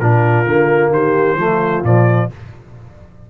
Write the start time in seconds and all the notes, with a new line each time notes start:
0.00 A#2 D4 F4 A#4
0.46 D3 A#3
0.90 D#3 G4 C5
1.36 F3 A3 F4
1.83 A#2 F3 D5